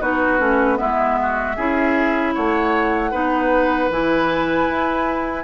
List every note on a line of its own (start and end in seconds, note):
0.00 0.39 B3
0.00 0.39 D#4
0.00 0.78 F#4
0.00 0.78 B4
0.39 0.78 A3
0.39 0.76 C#4
0.76 1.57 G#3
0.76 1.54 B3
0.76 1.18 E4
0.76 2.34 E5
1.22 1.56 F#4
1.56 2.35 C#4
1.56 3.12 E4
1.56 2.34 G#4
2.34 3.12 A3
2.34 3.11 C#5
2.34 3.91 F#5
3.11 3.90 B3
3.11 3.90 D#4
3.11 5.44 B4
3.90 4.68 E3
3.90 5.44 E4
3.90 5.44 G#5
4.69 5.44 E4